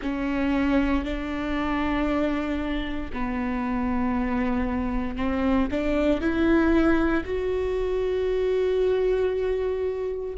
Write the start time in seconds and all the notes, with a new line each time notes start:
0.02 C#4
1.04 D4
3.13 B3
5.16 C4
5.70 D4
6.20 E4
7.25 F#4